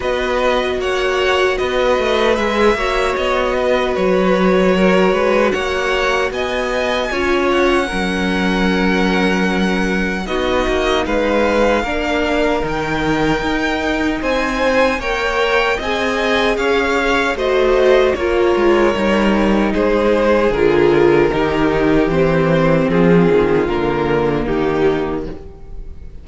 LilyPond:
<<
  \new Staff \with { instrumentName = "violin" } { \time 4/4 \tempo 4 = 76 dis''4 fis''4 dis''4 e''4 | dis''4 cis''2 fis''4 | gis''4. fis''2~ fis''8~ | fis''4 dis''4 f''2 |
g''2 gis''4 g''4 | gis''4 f''4 dis''4 cis''4~ | cis''4 c''4 ais'2 | c''4 gis'4 ais'4 g'4 | }
  \new Staff \with { instrumentName = "violin" } { \time 4/4 b'4 cis''4 b'4. cis''8~ | cis''8 b'4. ais'8 b'8 cis''4 | dis''4 cis''4 ais'2~ | ais'4 fis'4 b'4 ais'4~ |
ais'2 c''4 cis''4 | dis''4 cis''4 c''4 ais'4~ | ais'4 gis'2 g'4~ | g'4 f'2 dis'4 | }
  \new Staff \with { instrumentName = "viola" } { \time 4/4 fis'2. gis'8 fis'8~ | fis'1~ | fis'4 f'4 cis'2~ | cis'4 dis'2 d'4 |
dis'2. ais'4 | gis'2 fis'4 f'4 | dis'2 f'4 dis'4 | c'2 ais2 | }
  \new Staff \with { instrumentName = "cello" } { \time 4/4 b4 ais4 b8 a8 gis8 ais8 | b4 fis4. gis8 ais4 | b4 cis'4 fis2~ | fis4 b8 ais8 gis4 ais4 |
dis4 dis'4 c'4 ais4 | c'4 cis'4 a4 ais8 gis8 | g4 gis4 d4 dis4 | e4 f8 dis8 d4 dis4 | }
>>